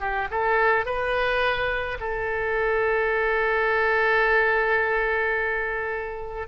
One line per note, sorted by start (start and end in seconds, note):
0.00 0.28 G4
0.31 0.86 A4
0.86 1.98 B4
2.00 6.48 A4